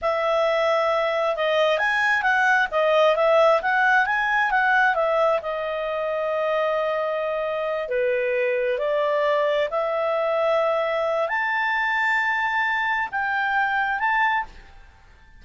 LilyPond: \new Staff \with { instrumentName = "clarinet" } { \time 4/4 \tempo 4 = 133 e''2. dis''4 | gis''4 fis''4 dis''4 e''4 | fis''4 gis''4 fis''4 e''4 | dis''1~ |
dis''4. b'2 d''8~ | d''4. e''2~ e''8~ | e''4 a''2.~ | a''4 g''2 a''4 | }